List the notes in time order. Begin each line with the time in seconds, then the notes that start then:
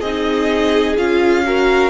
0.00 C4 D#4 G#4 D#5
0.98 C#4 F4 F5
1.44 F#4 A#4